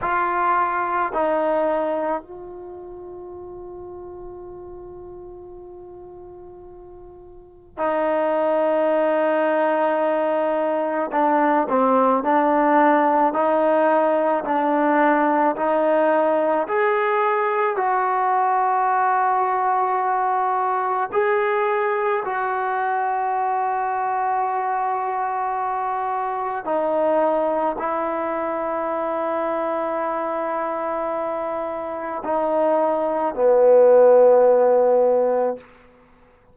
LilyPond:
\new Staff \with { instrumentName = "trombone" } { \time 4/4 \tempo 4 = 54 f'4 dis'4 f'2~ | f'2. dis'4~ | dis'2 d'8 c'8 d'4 | dis'4 d'4 dis'4 gis'4 |
fis'2. gis'4 | fis'1 | dis'4 e'2.~ | e'4 dis'4 b2 | }